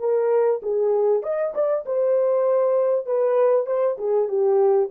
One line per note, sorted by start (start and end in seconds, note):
0.00 0.61 A#4
0.63 1.23 G#4
1.23 1.54 D#5
1.55 1.85 D5
1.86 3.07 C5
3.07 3.67 B4
3.67 3.97 C5
3.98 4.29 G#4
4.29 4.90 G4